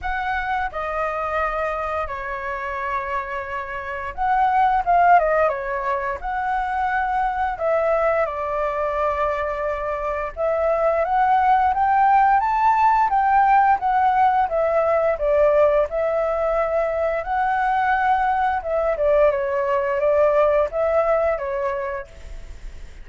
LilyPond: \new Staff \with { instrumentName = "flute" } { \time 4/4 \tempo 4 = 87 fis''4 dis''2 cis''4~ | cis''2 fis''4 f''8 dis''8 | cis''4 fis''2 e''4 | d''2. e''4 |
fis''4 g''4 a''4 g''4 | fis''4 e''4 d''4 e''4~ | e''4 fis''2 e''8 d''8 | cis''4 d''4 e''4 cis''4 | }